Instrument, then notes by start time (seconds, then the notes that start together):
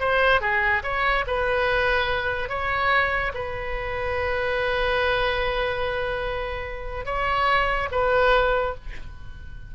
oboe
0.00 C5
0.41 G#4
0.83 C#5
1.27 B4
2.49 C#5
3.35 B4
7.06 C#5
7.92 B4